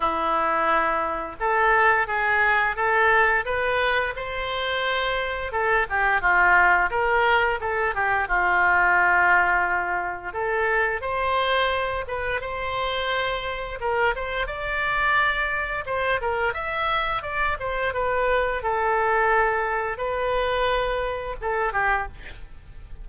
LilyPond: \new Staff \with { instrumentName = "oboe" } { \time 4/4 \tempo 4 = 87 e'2 a'4 gis'4 | a'4 b'4 c''2 | a'8 g'8 f'4 ais'4 a'8 g'8 | f'2. a'4 |
c''4. b'8 c''2 | ais'8 c''8 d''2 c''8 ais'8 | e''4 d''8 c''8 b'4 a'4~ | a'4 b'2 a'8 g'8 | }